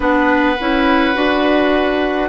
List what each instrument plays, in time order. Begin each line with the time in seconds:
0.00 bassoon B3, clarinet D4, oboe B4, flute F#5
0.60 bassoon C#4, clarinet E4
1.14 bassoon D4, clarinet F#4